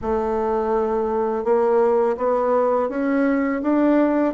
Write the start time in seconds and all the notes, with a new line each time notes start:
0.01 A3
1.44 A#3
2.17 B3
2.89 C#4
3.62 D4